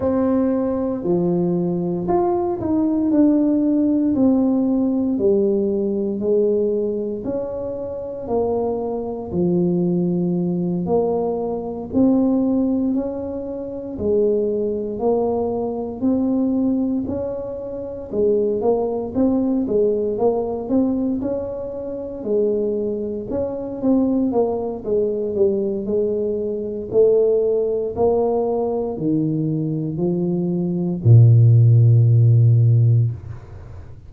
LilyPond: \new Staff \with { instrumentName = "tuba" } { \time 4/4 \tempo 4 = 58 c'4 f4 f'8 dis'8 d'4 | c'4 g4 gis4 cis'4 | ais4 f4. ais4 c'8~ | c'8 cis'4 gis4 ais4 c'8~ |
c'8 cis'4 gis8 ais8 c'8 gis8 ais8 | c'8 cis'4 gis4 cis'8 c'8 ais8 | gis8 g8 gis4 a4 ais4 | dis4 f4 ais,2 | }